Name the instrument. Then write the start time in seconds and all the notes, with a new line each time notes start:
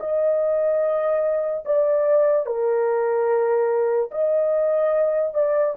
horn
0.00 D#5
1.65 D5
2.46 A#4
4.11 D#5
5.34 D5